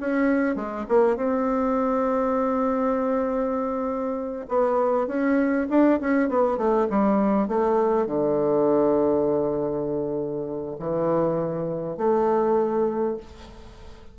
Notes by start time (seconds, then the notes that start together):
0.00 C#4
0.55 G#3
0.88 A#3
1.16 C4
4.48 B3
5.07 C#4
5.69 D4
6.00 C#4
6.29 B3
6.57 A3
6.90 G3
7.48 A3
8.06 D3
10.79 E3
11.97 A3